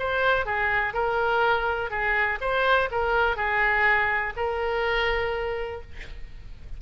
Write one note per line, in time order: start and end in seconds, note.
0.00 0.46 C5
0.46 0.94 G#4
0.94 1.91 A#4
1.91 2.39 G#4
2.41 2.90 C5
2.92 3.37 A#4
3.37 4.34 G#4
4.37 5.82 A#4